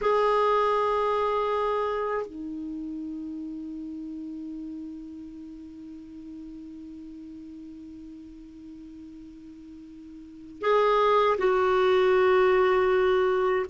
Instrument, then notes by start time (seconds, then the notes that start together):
clarinet
0.01 G#4
2.26 D#4
10.61 G#4
11.38 F#4